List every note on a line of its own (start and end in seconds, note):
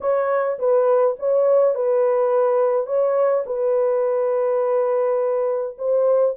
0.00 0.58 C#5
0.58 1.16 B4
1.19 1.74 C#5
1.74 2.86 B4
2.86 3.44 C#5
3.46 5.77 B4
5.78 6.35 C5